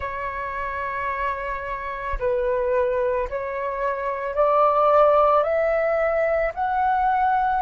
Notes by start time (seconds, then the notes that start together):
0.00 C#5
2.19 B4
3.29 C#5
4.34 D5
5.42 E5
6.54 F#5